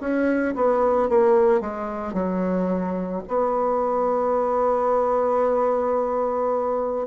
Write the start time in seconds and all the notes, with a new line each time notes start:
0.00 C#4
0.55 B3
1.09 A#3
1.60 G#3
2.13 F#3
3.28 B3